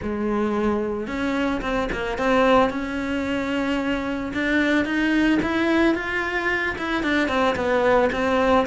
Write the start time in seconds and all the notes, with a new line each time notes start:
0.02 G#3
1.07 C#4
1.61 C4
1.92 A#3
2.17 C4
2.70 C#4
4.33 D4
4.85 D#4
5.42 E4
5.95 F4
6.77 E4
7.03 D4
7.28 C4
7.55 B3
8.12 C4